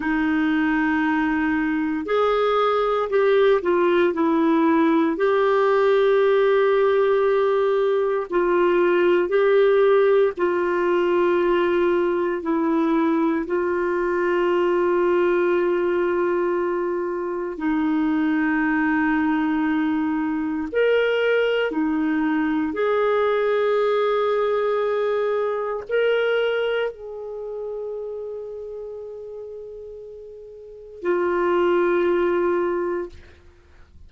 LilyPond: \new Staff \with { instrumentName = "clarinet" } { \time 4/4 \tempo 4 = 58 dis'2 gis'4 g'8 f'8 | e'4 g'2. | f'4 g'4 f'2 | e'4 f'2.~ |
f'4 dis'2. | ais'4 dis'4 gis'2~ | gis'4 ais'4 gis'2~ | gis'2 f'2 | }